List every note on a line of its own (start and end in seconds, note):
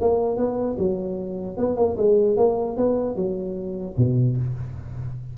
0.00 0.37 A#3
0.37 0.77 B3
0.78 1.57 F#3
1.57 1.76 B3
1.76 1.96 A#3
1.97 2.36 G#3
2.36 2.76 A#3
2.77 3.15 B3
3.15 3.95 F#3
3.97 4.37 B2